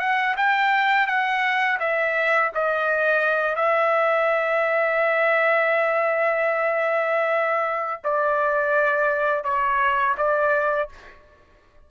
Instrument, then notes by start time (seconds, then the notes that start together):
trumpet
0.00 F#5
0.37 G5
1.07 F#5
1.80 E5
2.55 D#5
3.56 E5
8.04 D5
9.44 C#5
10.18 D5